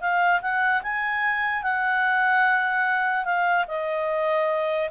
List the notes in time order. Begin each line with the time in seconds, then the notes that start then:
0.00 F5
0.41 F#5
0.82 G#5
1.63 F#5
3.25 F5
3.67 D#5